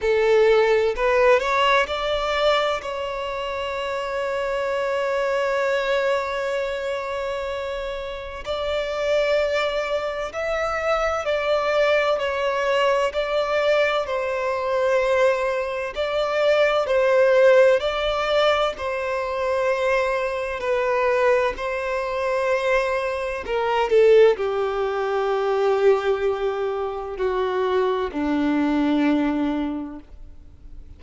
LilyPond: \new Staff \with { instrumentName = "violin" } { \time 4/4 \tempo 4 = 64 a'4 b'8 cis''8 d''4 cis''4~ | cis''1~ | cis''4 d''2 e''4 | d''4 cis''4 d''4 c''4~ |
c''4 d''4 c''4 d''4 | c''2 b'4 c''4~ | c''4 ais'8 a'8 g'2~ | g'4 fis'4 d'2 | }